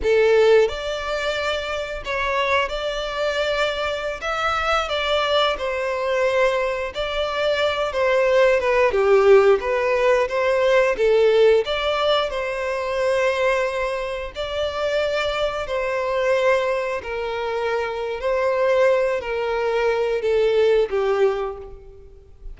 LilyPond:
\new Staff \with { instrumentName = "violin" } { \time 4/4 \tempo 4 = 89 a'4 d''2 cis''4 | d''2~ d''16 e''4 d''8.~ | d''16 c''2 d''4. c''16~ | c''8. b'8 g'4 b'4 c''8.~ |
c''16 a'4 d''4 c''4.~ c''16~ | c''4~ c''16 d''2 c''8.~ | c''4~ c''16 ais'4.~ ais'16 c''4~ | c''8 ais'4. a'4 g'4 | }